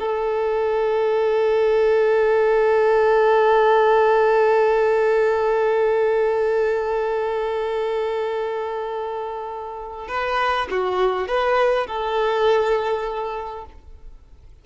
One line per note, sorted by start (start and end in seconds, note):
0.00 10.09 A4
10.09 10.68 B4
10.71 11.28 F#4
11.28 11.87 B4
11.87 13.66 A4